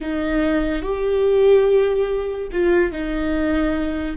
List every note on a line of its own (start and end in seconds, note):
0.00 0.81 D#4
0.81 2.48 G4
2.52 2.91 F4
2.91 4.16 D#4